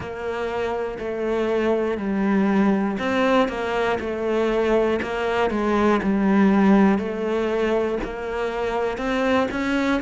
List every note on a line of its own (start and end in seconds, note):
0.00 0.97 A#3
0.99 1.97 A3
1.97 2.97 G3
2.99 3.48 C4
3.48 3.98 A#3
4.00 5.00 A3
5.01 5.50 A#3
5.50 6.00 G#3
6.03 6.98 G3
6.98 7.98 A3
8.03 8.97 A#3
8.97 9.47 C4
9.50 10.00 C#4